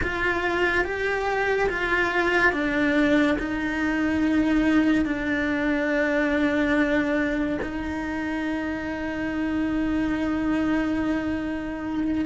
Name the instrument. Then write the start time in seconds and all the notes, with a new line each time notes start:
cello
0.02 F4
0.84 G4
1.69 F4
2.52 D4
3.38 D#4
5.05 D4
7.62 D#4